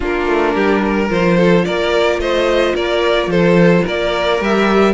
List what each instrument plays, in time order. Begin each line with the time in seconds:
0.00 cello A#3, viola D4, violin F4 A#4
0.27 cello A3
0.54 cello G3, violin G4
0.85 violin A#4
1.09 cello F3, viola F4, violin C5
1.36 violin A4
1.64 cello A#3, violin A#4 D5
2.18 cello A3, violin C5 D#5
2.75 cello A#3, violin A#4 D5
3.26 cello F3, violin A4 C5
3.84 cello A#3, violin A#4 D5
4.40 cello G3, viola G4, violin E5